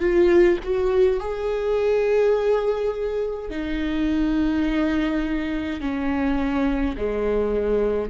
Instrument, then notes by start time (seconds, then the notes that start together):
viola
0.00 F4
0.63 F#4
1.20 G#4
3.50 D#4
5.81 C#4
6.97 G#3